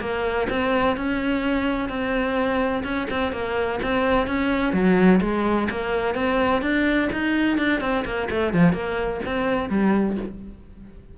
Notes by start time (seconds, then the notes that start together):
0.00 A#3
0.49 C4
0.96 C#4
1.89 C4
2.84 C#4
3.10 C4
3.32 A#3
3.82 C4
4.27 C#4
4.73 F#3
5.21 G#3
5.70 A#3
6.15 C4
6.61 D4
7.12 D#4
7.58 D4
7.81 C4
8.05 A#3
8.30 A3
8.53 F3
8.73 A#3
9.25 C4
9.69 G3